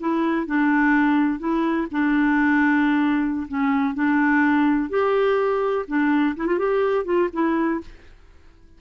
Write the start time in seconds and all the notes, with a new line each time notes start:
0.00 E4
0.47 D4
1.39 E4
1.91 D4
3.48 C#4
3.95 D4
4.90 G4
5.88 D4
6.37 E4
6.46 F4
6.59 G4
7.05 F4
7.33 E4